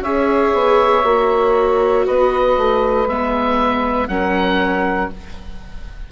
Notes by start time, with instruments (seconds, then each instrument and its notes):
0.00 bassoon C#4, viola G#4, saxophone C#5, oboe E5
0.53 bassoon B3
1.03 bassoon A#3, viola F#4
2.05 bassoon B3, saxophone B4, oboe D#5
2.57 bassoon A3
3.06 bassoon G#3, viola B3, oboe E5
4.08 bassoon F#3, viola C#4, saxophone A#4, oboe F#5